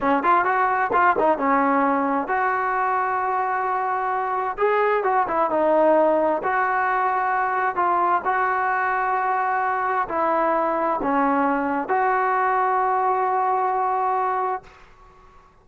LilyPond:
\new Staff \with { instrumentName = "trombone" } { \time 4/4 \tempo 4 = 131 cis'8 f'8 fis'4 f'8 dis'8 cis'4~ | cis'4 fis'2.~ | fis'2 gis'4 fis'8 e'8 | dis'2 fis'2~ |
fis'4 f'4 fis'2~ | fis'2 e'2 | cis'2 fis'2~ | fis'1 | }